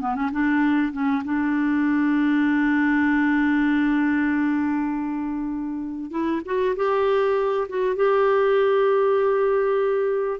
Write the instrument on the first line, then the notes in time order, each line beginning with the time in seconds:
clarinet
0.00 B3
0.15 C#4
0.31 D4
0.92 C#4
1.24 D4
6.10 E4
6.45 F#4
6.75 G4
7.68 F#4
7.96 G4